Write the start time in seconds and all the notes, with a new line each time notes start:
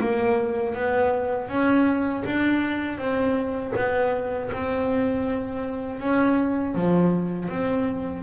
0.00 A#3
0.75 B3
1.49 C#4
2.26 D4
2.98 C4
3.76 B3
4.53 C4
6.00 C#4
6.75 F3
7.49 C4